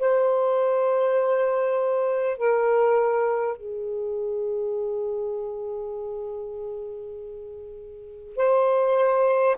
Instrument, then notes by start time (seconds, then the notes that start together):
saxophone
0.00 C5
2.38 A#4
3.57 G#4
8.37 C5